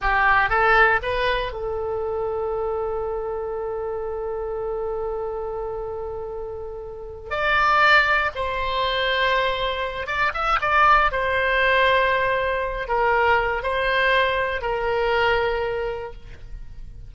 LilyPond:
\new Staff \with { instrumentName = "oboe" } { \time 4/4 \tempo 4 = 119 g'4 a'4 b'4 a'4~ | a'1~ | a'1~ | a'2~ a'8 d''4.~ |
d''8 c''2.~ c''8 | d''8 e''8 d''4 c''2~ | c''4. ais'4. c''4~ | c''4 ais'2. | }